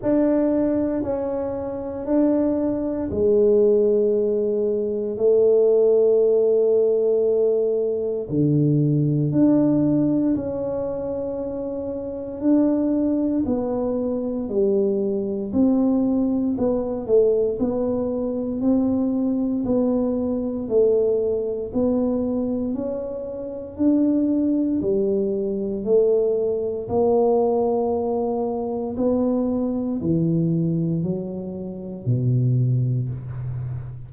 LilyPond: \new Staff \with { instrumentName = "tuba" } { \time 4/4 \tempo 4 = 58 d'4 cis'4 d'4 gis4~ | gis4 a2. | d4 d'4 cis'2 | d'4 b4 g4 c'4 |
b8 a8 b4 c'4 b4 | a4 b4 cis'4 d'4 | g4 a4 ais2 | b4 e4 fis4 b,4 | }